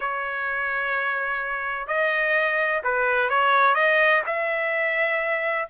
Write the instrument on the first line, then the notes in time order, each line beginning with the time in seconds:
trumpet
0.00 C#5
1.87 D#5
2.83 B4
3.29 C#5
3.75 D#5
4.26 E5